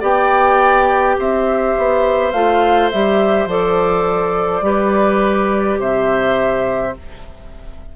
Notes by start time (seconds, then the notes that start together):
0.00 B3 G4 D5 G5
1.19 C4 C5 E5
1.78 B3
2.32 A3 F4 F5
2.90 G3 G4 E5
3.46 F3 A4 D5
4.61 G3 G4 B4
5.79 C3 C5 E5